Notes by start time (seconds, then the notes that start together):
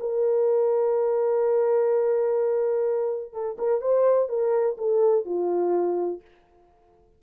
0.00 A#4
3.33 A4
3.58 A#4
3.82 C5
4.29 A#4
4.78 A4
5.25 F4